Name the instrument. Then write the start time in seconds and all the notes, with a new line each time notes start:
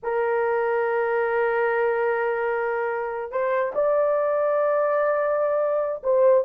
horn
0.02 A#4
3.31 C5
3.74 D5
6.03 C5